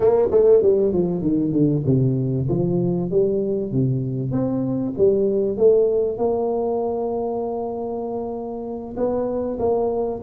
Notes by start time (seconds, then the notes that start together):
0.00 A#3
0.31 A3
0.62 G3
0.93 F3
1.21 D#3
1.52 D3
1.86 C3
2.49 F3
3.10 G3
3.72 C3
4.31 C4
4.97 G3
5.57 A3
6.17 A#3
8.96 B3
9.59 A#3